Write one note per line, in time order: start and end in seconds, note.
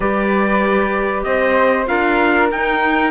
0.00 1.23 G3
0.00 1.86 G4
0.00 1.25 B4
0.00 1.23 D5
1.23 1.87 C4
1.23 1.89 C5
1.23 1.86 D#5
1.86 2.51 D4
1.86 2.49 F4
1.86 3.10 A#4
1.86 2.50 F5
2.51 3.10 D#4
2.51 3.10 G5